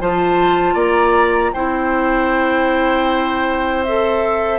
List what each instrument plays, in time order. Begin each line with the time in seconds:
0.00 bassoon F3, clarinet F4, oboe C5, flute A5
0.74 bassoon A#3, oboe D5, flute A#5
1.53 bassoon C4, clarinet E4, oboe C5, flute G5
3.84 clarinet A4, flute E5